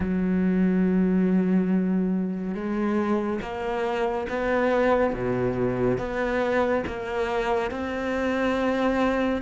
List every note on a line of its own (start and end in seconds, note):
0.00 2.54 F#3
2.54 3.40 G#3
3.41 4.27 A#3
4.29 5.13 B3
5.13 5.98 B2
5.98 6.83 B3
6.86 7.70 A#3
7.70 9.41 C4